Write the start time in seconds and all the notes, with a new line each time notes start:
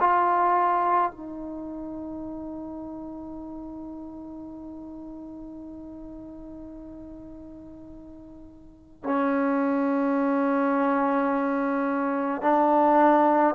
0.00 F4
1.11 D#4
9.04 C#4
12.42 D4